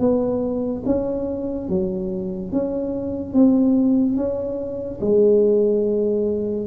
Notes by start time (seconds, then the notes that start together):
0.00 B3
0.86 C#4
1.69 F#3
2.52 C#4
3.34 C4
4.17 C#4
5.01 G#3